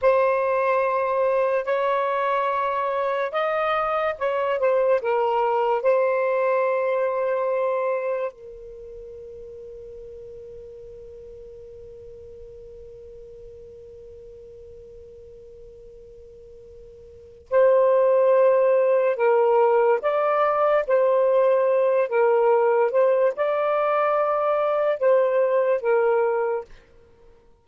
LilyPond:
\new Staff \with { instrumentName = "saxophone" } { \time 4/4 \tempo 4 = 72 c''2 cis''2 | dis''4 cis''8 c''8 ais'4 c''4~ | c''2 ais'2~ | ais'1~ |
ais'1~ | ais'4 c''2 ais'4 | d''4 c''4. ais'4 c''8 | d''2 c''4 ais'4 | }